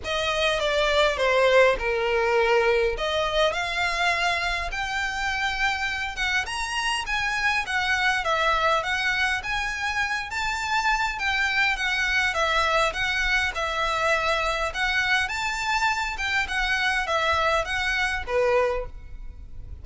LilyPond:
\new Staff \with { instrumentName = "violin" } { \time 4/4 \tempo 4 = 102 dis''4 d''4 c''4 ais'4~ | ais'4 dis''4 f''2 | g''2~ g''8 fis''8 ais''4 | gis''4 fis''4 e''4 fis''4 |
gis''4. a''4. g''4 | fis''4 e''4 fis''4 e''4~ | e''4 fis''4 a''4. g''8 | fis''4 e''4 fis''4 b'4 | }